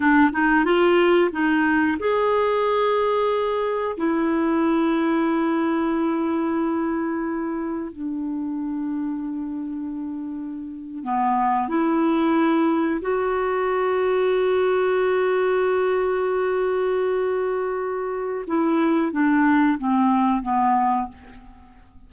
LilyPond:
\new Staff \with { instrumentName = "clarinet" } { \time 4/4 \tempo 4 = 91 d'8 dis'8 f'4 dis'4 gis'4~ | gis'2 e'2~ | e'1 | d'1~ |
d'8. b4 e'2 fis'16~ | fis'1~ | fis'1 | e'4 d'4 c'4 b4 | }